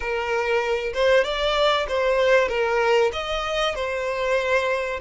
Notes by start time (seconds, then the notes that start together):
0.00 A#4
0.93 C5
1.24 D5
1.88 C5
2.48 A#4
3.12 D#5
3.75 C5